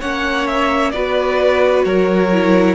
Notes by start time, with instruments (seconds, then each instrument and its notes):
0.00 cello A#3, viola C#4, violin C#5 F#5
0.47 violin E5
0.90 cello B3, viola F#4, violin B4 D5
1.84 cello F#3, violin A#4 C#5
2.32 viola E4